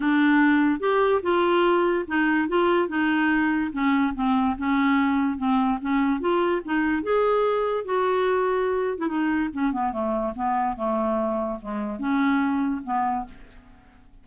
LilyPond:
\new Staff \with { instrumentName = "clarinet" } { \time 4/4 \tempo 4 = 145 d'2 g'4 f'4~ | f'4 dis'4 f'4 dis'4~ | dis'4 cis'4 c'4 cis'4~ | cis'4 c'4 cis'4 f'4 |
dis'4 gis'2 fis'4~ | fis'4.~ fis'16 e'16 dis'4 cis'8 b8 | a4 b4 a2 | gis4 cis'2 b4 | }